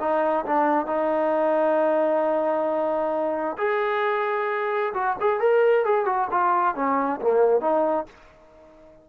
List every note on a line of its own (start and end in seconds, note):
0.00 0.45 D#4
0.46 0.86 D4
0.86 3.57 D#4
3.58 4.93 G#4
4.94 5.16 F#4
5.20 5.40 G#4
5.40 5.85 A#4
5.85 6.06 G#4
6.06 6.28 F#4
6.31 6.75 F4
6.75 7.20 C#4
7.21 7.61 A#3
7.61 8.06 D#4